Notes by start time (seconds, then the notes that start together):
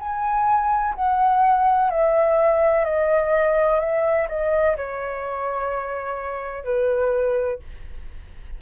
0.00 G#5
0.95 F#5
1.91 E5
2.85 D#5
3.80 E5
4.29 D#5
4.77 C#5
6.65 B4